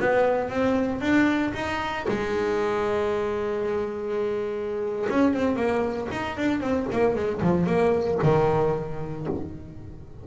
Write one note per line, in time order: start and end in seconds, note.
0.00 0.50 B3
0.50 1.01 C4
1.01 1.53 D4
1.54 2.06 D#4
2.08 5.08 G#3
5.10 5.34 C#4
5.34 5.56 C4
5.56 6.08 A#3
6.12 6.37 D#4
6.37 6.60 D4
6.60 6.87 C4
6.92 7.15 A#3
7.15 7.41 G#3
7.41 7.66 F3
7.66 8.18 A#3
8.23 9.27 D#3